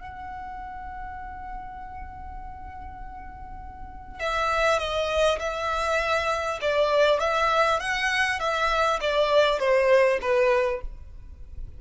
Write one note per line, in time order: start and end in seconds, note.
0.00 4.19 F#5
4.19 4.78 E5
4.78 5.38 D#5
5.39 6.59 E5
6.61 7.19 D5
7.19 7.79 E5
7.79 8.39 F#5
8.39 8.99 E5
9.00 9.59 D5
9.59 10.19 C5
10.21 10.81 B4